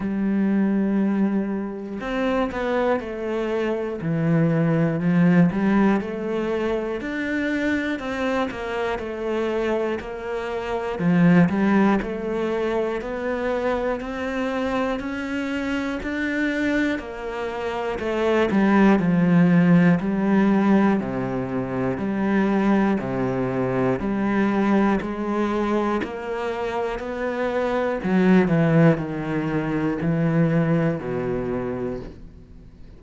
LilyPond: \new Staff \with { instrumentName = "cello" } { \time 4/4 \tempo 4 = 60 g2 c'8 b8 a4 | e4 f8 g8 a4 d'4 | c'8 ais8 a4 ais4 f8 g8 | a4 b4 c'4 cis'4 |
d'4 ais4 a8 g8 f4 | g4 c4 g4 c4 | g4 gis4 ais4 b4 | fis8 e8 dis4 e4 b,4 | }